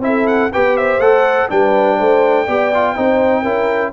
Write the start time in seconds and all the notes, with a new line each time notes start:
0.00 C4 E4 E5
0.07 A4
0.27 F#5
0.53 B3 G4 B4 G5
0.77 C5 E5
0.99 A3 A4 F#5
1.50 G3 D4 B4 G5
1.97 A3 C5
2.46 B3 G4 D5
2.75 F4
2.97 C4 D#4 C5
3.42 C#4 E4 A#4